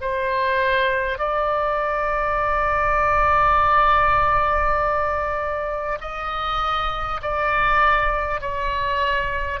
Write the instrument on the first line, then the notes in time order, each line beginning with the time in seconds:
oboe
0.00 C5
1.18 D5
6.00 D#5
7.22 D5
8.40 C#5